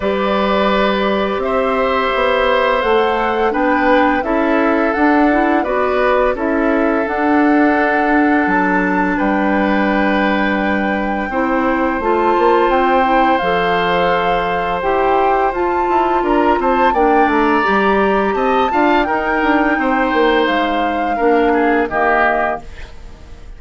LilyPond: <<
  \new Staff \with { instrumentName = "flute" } { \time 4/4 \tempo 4 = 85 d''2 e''2 | fis''4 g''4 e''4 fis''4 | d''4 e''4 fis''2 | a''4 g''2.~ |
g''4 a''4 g''4 f''4~ | f''4 g''4 a''4 ais''8 a''8 | g''8 ais''4. a''4 g''4~ | g''4 f''2 dis''4 | }
  \new Staff \with { instrumentName = "oboe" } { \time 4/4 b'2 c''2~ | c''4 b'4 a'2 | b'4 a'2.~ | a'4 b'2. |
c''1~ | c''2. ais'8 c''8 | d''2 dis''8 f''8 ais'4 | c''2 ais'8 gis'8 g'4 | }
  \new Staff \with { instrumentName = "clarinet" } { \time 4/4 g'1 | a'4 d'4 e'4 d'8 e'8 | fis'4 e'4 d'2~ | d'1 |
e'4 f'4. e'8 a'4~ | a'4 g'4 f'2 | d'4 g'4. f'8 dis'4~ | dis'2 d'4 ais4 | }
  \new Staff \with { instrumentName = "bassoon" } { \time 4/4 g2 c'4 b4 | a4 b4 cis'4 d'4 | b4 cis'4 d'2 | fis4 g2. |
c'4 a8 ais8 c'4 f4~ | f4 e'4 f'8 e'8 d'8 c'8 | ais8 a8 g4 c'8 d'8 dis'8 d'8 | c'8 ais8 gis4 ais4 dis4 | }
>>